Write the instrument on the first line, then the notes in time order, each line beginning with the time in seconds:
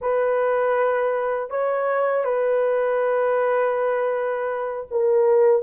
horn
0.01 B4
1.50 C#5
2.24 B4
4.90 A#4